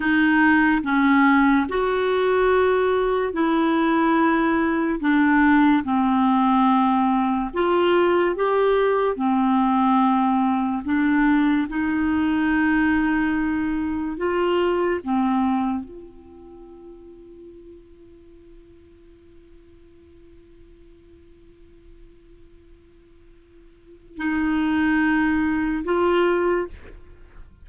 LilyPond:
\new Staff \with { instrumentName = "clarinet" } { \time 4/4 \tempo 4 = 72 dis'4 cis'4 fis'2 | e'2 d'4 c'4~ | c'4 f'4 g'4 c'4~ | c'4 d'4 dis'2~ |
dis'4 f'4 c'4 f'4~ | f'1~ | f'1~ | f'4 dis'2 f'4 | }